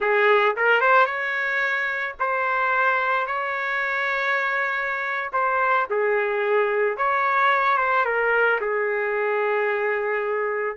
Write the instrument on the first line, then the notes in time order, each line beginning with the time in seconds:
trumpet
0.00 G#4
0.56 A#4
0.81 C5
1.05 C#5
2.19 C5
3.26 C#5
5.32 C5
5.90 G#4
6.97 C#5
7.77 C5
8.05 A#4
8.61 G#4